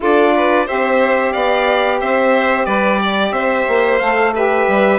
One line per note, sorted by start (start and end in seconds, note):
0.00 0.68 D4
0.00 0.66 F4
0.00 0.34 A4
0.00 0.68 D5
0.36 0.66 B4
0.66 1.35 C4
0.66 3.99 G4
0.66 1.32 C5
0.66 1.33 E5
1.32 2.01 B3
1.32 1.99 D5
1.32 1.99 F5
2.00 2.66 C4
2.00 2.65 C5
2.00 2.65 E5
2.65 3.31 G3
2.65 2.99 B4
2.65 3.32 D5
3.00 3.33 D5
3.31 3.64 C4
3.31 4.33 C5
3.31 3.98 E5
3.67 4.00 A#3
3.98 4.67 A3
3.98 4.34 A4
3.98 4.32 F5
4.34 4.98 G4
4.34 4.98 B4
4.34 4.98 E5
4.67 4.98 G3